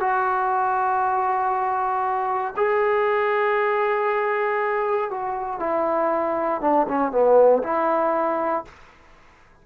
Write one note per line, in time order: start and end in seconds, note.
0.00 2.54 F#4
2.56 5.10 G#4
5.10 5.60 F#4
5.60 6.61 E4
6.61 6.87 D4
6.88 7.11 C#4
7.11 7.62 B3
7.63 8.65 E4